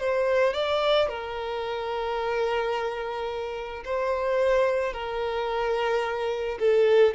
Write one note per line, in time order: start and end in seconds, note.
0.00 0.54 C5
0.54 1.09 D5
1.09 3.84 A#4
3.85 4.93 C5
4.93 6.59 A#4
6.60 7.15 A4